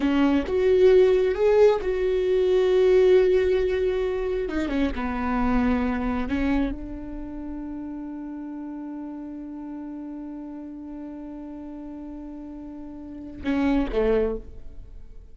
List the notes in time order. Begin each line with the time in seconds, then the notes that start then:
0.00 C#4
0.47 F#4
1.35 G#4
1.81 F#4
4.48 D#4
4.68 C#4
4.95 B3
6.28 C#4
6.71 D4
13.43 C#4
13.92 A3